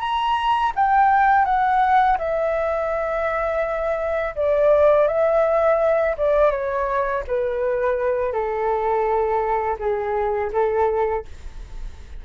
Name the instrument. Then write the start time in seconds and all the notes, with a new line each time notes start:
flute
0.00 A#5
0.76 G5
1.45 F#5
2.19 E5
4.36 D5
5.08 E5
6.18 D5
6.51 C#5
7.27 B4
8.33 A4
9.79 G#4
10.53 A4